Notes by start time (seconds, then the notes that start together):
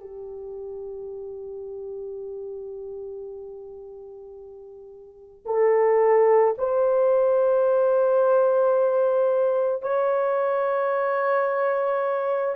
0.00 G4
5.45 A4
6.58 C5
9.83 C#5